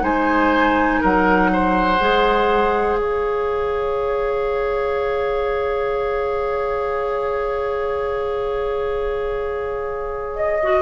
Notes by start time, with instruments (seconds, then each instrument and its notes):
0.00 bassoon G#3, clarinet D#4, oboe C5, flute G#5
1.01 bassoon F#3, oboe A#4, flute F#5
1.53 oboe C5
2.00 bassoon G#3, clarinet G#4
2.97 bassoon C#3, oboe C#5, flute F5
10.35 flute D#5
10.63 clarinet F#4